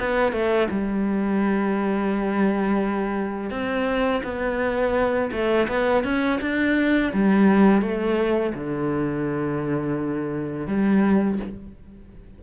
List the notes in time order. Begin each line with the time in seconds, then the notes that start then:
0.00 B3
0.33 A3
0.71 G3
3.51 C4
4.24 B3
5.32 A3
5.69 B3
6.05 C#4
6.42 D4
7.14 G3
7.82 A3
8.55 D3
10.68 G3